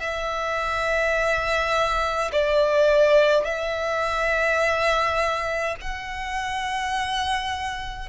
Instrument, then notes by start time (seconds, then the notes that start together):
violin
0.00 E5
2.32 D5
3.45 E5
5.81 F#5